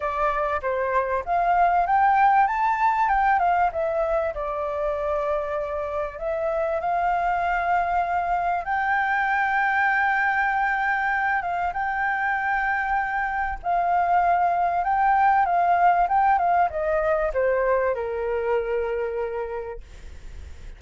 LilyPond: \new Staff \with { instrumentName = "flute" } { \time 4/4 \tempo 4 = 97 d''4 c''4 f''4 g''4 | a''4 g''8 f''8 e''4 d''4~ | d''2 e''4 f''4~ | f''2 g''2~ |
g''2~ g''8 f''8 g''4~ | g''2 f''2 | g''4 f''4 g''8 f''8 dis''4 | c''4 ais'2. | }